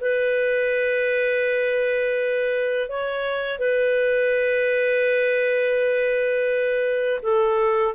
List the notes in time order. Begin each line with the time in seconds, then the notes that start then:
0.00 B4
2.88 C#5
3.58 B4
7.22 A4